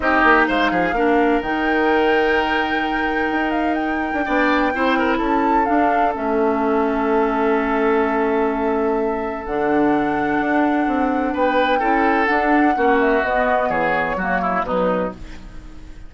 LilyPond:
<<
  \new Staff \with { instrumentName = "flute" } { \time 4/4 \tempo 4 = 127 dis''4 f''2 g''4~ | g''2.~ g''8 f''8 | g''2. a''4 | f''4 e''2.~ |
e''1 | fis''1 | g''2 fis''4. e''8 | dis''4 cis''2 b'4 | }
  \new Staff \with { instrumentName = "oboe" } { \time 4/4 g'4 c''8 gis'8 ais'2~ | ais'1~ | ais'4 d''4 c''8 ais'8 a'4~ | a'1~ |
a'1~ | a'1 | b'4 a'2 fis'4~ | fis'4 gis'4 fis'8 e'8 dis'4 | }
  \new Staff \with { instrumentName = "clarinet" } { \time 4/4 dis'2 d'4 dis'4~ | dis'1~ | dis'4 d'4 e'2 | d'4 cis'2.~ |
cis'1 | d'1~ | d'4 e'4 d'4 cis'4 | b2 ais4 fis4 | }
  \new Staff \with { instrumentName = "bassoon" } { \time 4/4 c'8 ais8 gis8 f8 ais4 dis4~ | dis2. dis'4~ | dis'8. d'16 b4 c'4 cis'4 | d'4 a2.~ |
a1 | d2 d'4 c'4 | b4 cis'4 d'4 ais4 | b4 e4 fis4 b,4 | }
>>